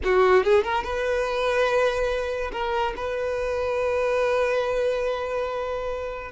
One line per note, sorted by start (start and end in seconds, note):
0.04 0.43 F#4
0.43 0.63 G#4
0.63 0.83 A#4
0.83 2.51 B4
2.52 2.94 A#4
2.96 6.31 B4